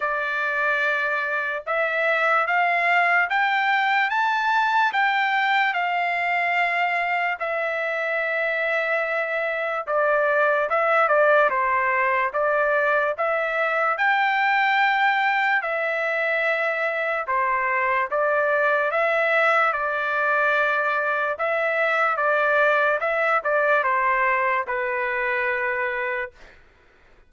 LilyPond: \new Staff \with { instrumentName = "trumpet" } { \time 4/4 \tempo 4 = 73 d''2 e''4 f''4 | g''4 a''4 g''4 f''4~ | f''4 e''2. | d''4 e''8 d''8 c''4 d''4 |
e''4 g''2 e''4~ | e''4 c''4 d''4 e''4 | d''2 e''4 d''4 | e''8 d''8 c''4 b'2 | }